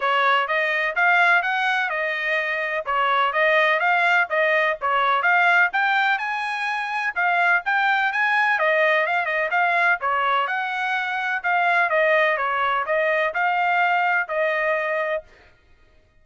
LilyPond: \new Staff \with { instrumentName = "trumpet" } { \time 4/4 \tempo 4 = 126 cis''4 dis''4 f''4 fis''4 | dis''2 cis''4 dis''4 | f''4 dis''4 cis''4 f''4 | g''4 gis''2 f''4 |
g''4 gis''4 dis''4 f''8 dis''8 | f''4 cis''4 fis''2 | f''4 dis''4 cis''4 dis''4 | f''2 dis''2 | }